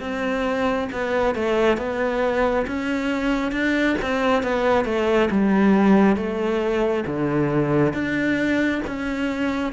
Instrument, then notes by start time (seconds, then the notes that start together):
cello
0.00 C4
0.92 B3
1.35 A3
1.77 B3
2.67 C#4
3.51 D4
4.02 C4
4.43 B3
4.85 A3
5.30 G3
6.16 A3
7.07 D3
7.93 D4
8.87 C#4